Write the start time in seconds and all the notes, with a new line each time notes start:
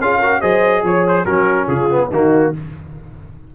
0.00 C#4 F4 G#4 F5
0.18 F#4 A#4
0.41 F#3 G#4 C5 D#5
0.83 F3 C#5
1.07 C5
1.25 F#3 C#4 F#4 A#4
1.66 C#3 F4 G#4
1.90 B3
2.10 D#3 A#3 D#4 F#4